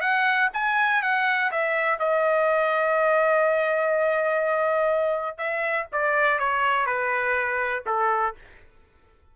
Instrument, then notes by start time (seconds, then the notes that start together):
trumpet
0.00 F#5
0.53 G#5
1.02 F#5
1.51 E5
1.99 D#5
5.37 E5
5.92 D5
6.39 C#5
6.86 B4
7.86 A4